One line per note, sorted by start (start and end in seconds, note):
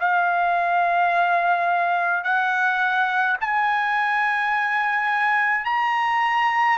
0.00 2.24 F5
2.24 3.38 F#5
3.41 5.66 G#5
5.66 6.79 A#5